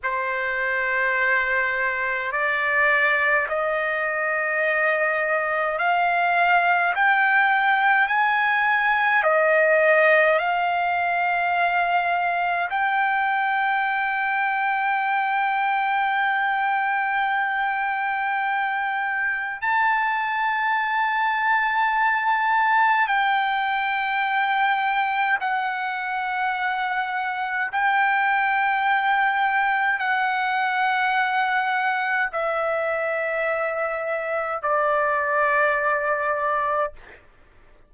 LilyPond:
\new Staff \with { instrumentName = "trumpet" } { \time 4/4 \tempo 4 = 52 c''2 d''4 dis''4~ | dis''4 f''4 g''4 gis''4 | dis''4 f''2 g''4~ | g''1~ |
g''4 a''2. | g''2 fis''2 | g''2 fis''2 | e''2 d''2 | }